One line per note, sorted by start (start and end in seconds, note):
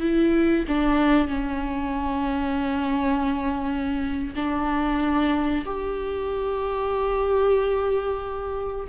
0.00 0.65 E4
0.68 1.28 D4
1.28 4.34 C#4
4.35 5.65 D4
5.65 8.88 G4